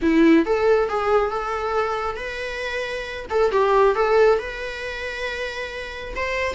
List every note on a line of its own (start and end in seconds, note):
0.02 0.45 E4
0.45 0.88 A4
0.88 1.30 G#4
1.30 2.16 A4
2.16 3.25 B4
3.30 3.51 A4
3.51 3.95 G4
3.95 4.38 A4
4.38 6.14 B4
6.15 6.54 C5